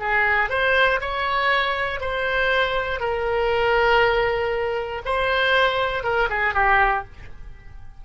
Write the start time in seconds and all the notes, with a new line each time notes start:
0.00 G#4
0.50 C5
1.01 C#5
2.01 C5
3.00 A#4
5.05 C5
6.04 A#4
6.30 G#4
6.54 G4